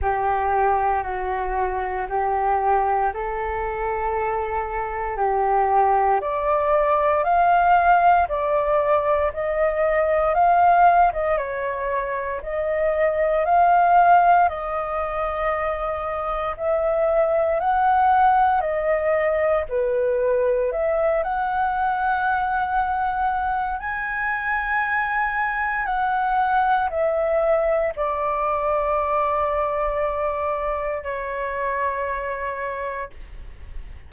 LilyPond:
\new Staff \with { instrumentName = "flute" } { \time 4/4 \tempo 4 = 58 g'4 fis'4 g'4 a'4~ | a'4 g'4 d''4 f''4 | d''4 dis''4 f''8. dis''16 cis''4 | dis''4 f''4 dis''2 |
e''4 fis''4 dis''4 b'4 | e''8 fis''2~ fis''8 gis''4~ | gis''4 fis''4 e''4 d''4~ | d''2 cis''2 | }